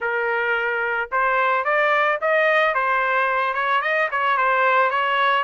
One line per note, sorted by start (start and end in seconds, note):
0.00 1.10 A#4
1.11 1.64 C5
1.64 2.18 D5
2.21 2.74 D#5
2.74 3.54 C5
3.54 3.81 C#5
3.81 4.08 D#5
4.11 4.37 C#5
4.37 4.90 C5
4.90 5.43 C#5